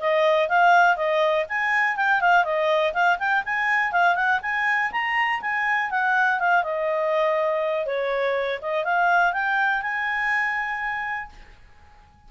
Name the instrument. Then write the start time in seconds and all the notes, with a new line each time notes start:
clarinet
0.00 D#5
0.49 F5
0.97 D#5
1.50 G#5
1.97 G5
2.21 F5
2.45 D#5
2.94 F5
3.19 G5
3.46 G#5
3.93 F5
4.16 F#5
4.43 G#5
4.92 A#5
5.42 G#5
5.91 F#5
6.40 F5
6.64 D#5
7.86 C#5
8.62 D#5
8.85 F5
9.33 G5
9.82 G#5